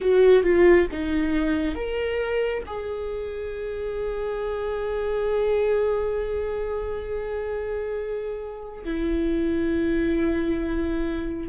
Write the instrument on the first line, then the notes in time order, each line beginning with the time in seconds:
viola
0.00 F#4
0.43 F4
0.91 D#4
1.75 A#4
2.66 G#4
8.84 E4